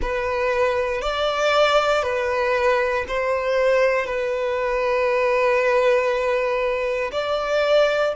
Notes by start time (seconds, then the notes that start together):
0.01 B4
1.01 D5
2.02 B4
3.07 C5
4.05 B4
7.11 D5